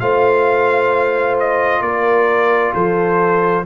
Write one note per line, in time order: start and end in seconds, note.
0.00 1.81 A3
0.00 3.64 F4
0.00 1.84 C5
0.00 1.36 F5
1.40 1.82 D#5
1.81 2.72 A#3
1.81 2.73 A#4
1.81 2.73 D5
2.73 3.66 F3
2.73 3.64 A4
2.73 3.65 C5